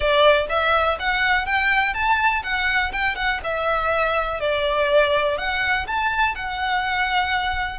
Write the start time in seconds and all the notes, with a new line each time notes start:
0.00 D5
0.49 E5
0.99 F#5
1.46 G5
1.94 A5
2.43 F#5
2.92 G5
3.15 F#5
3.43 E5
4.39 D5
5.37 F#5
5.86 A5
6.35 F#5